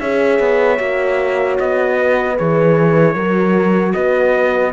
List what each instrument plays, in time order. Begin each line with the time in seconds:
0.00 cello C#4, horn G#4 C#5, trumpet E5
0.40 cello B3
0.78 cello A#3, horn F#4
1.59 cello B3, trumpet D#5
1.98 horn B4
2.38 cello E3, horn G#4, trumpet C#5
3.15 cello F#3, horn F#4 A#4
3.94 cello B3, horn B4, trumpet D#5